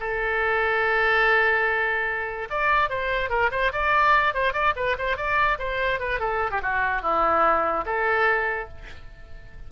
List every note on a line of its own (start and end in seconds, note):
0.00 2.48 A4
2.50 2.90 D5
2.90 3.30 C5
3.30 3.50 A#4
3.51 3.72 C5
3.72 4.34 D5
4.34 4.53 C5
4.53 4.74 D5
4.76 4.96 B4
4.98 5.16 C5
5.16 5.58 D5
5.59 5.99 C5
5.99 6.19 B4
6.19 6.50 A4
6.51 6.61 G4
6.62 7.02 F#4
7.02 7.85 E4
7.85 8.68 A4